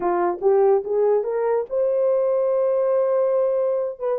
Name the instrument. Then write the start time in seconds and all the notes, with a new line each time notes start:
horn
0.00 F4
0.41 G4
0.84 G#4
1.23 A#4
1.69 C5
3.99 B4